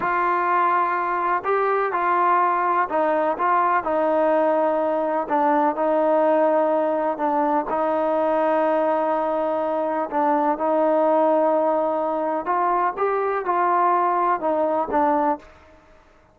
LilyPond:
\new Staff \with { instrumentName = "trombone" } { \time 4/4 \tempo 4 = 125 f'2. g'4 | f'2 dis'4 f'4 | dis'2. d'4 | dis'2. d'4 |
dis'1~ | dis'4 d'4 dis'2~ | dis'2 f'4 g'4 | f'2 dis'4 d'4 | }